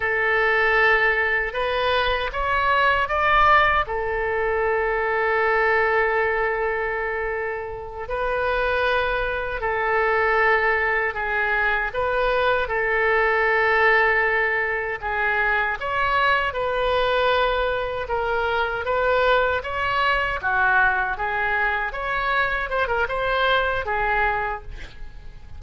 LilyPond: \new Staff \with { instrumentName = "oboe" } { \time 4/4 \tempo 4 = 78 a'2 b'4 cis''4 | d''4 a'2.~ | a'2~ a'8 b'4.~ | b'8 a'2 gis'4 b'8~ |
b'8 a'2. gis'8~ | gis'8 cis''4 b'2 ais'8~ | ais'8 b'4 cis''4 fis'4 gis'8~ | gis'8 cis''4 c''16 ais'16 c''4 gis'4 | }